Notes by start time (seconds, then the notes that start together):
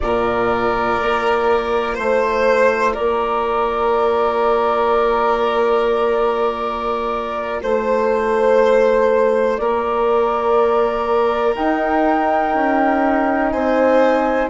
0.00 A#2 F4 A#4 D5
1.01 A#3
1.94 A3 C5
2.93 A#3 A#4 D5
7.61 A3 C5
9.57 A#3 A#4 D5
11.55 D#4 G5
12.54 C#4
13.50 C4 C5 G#5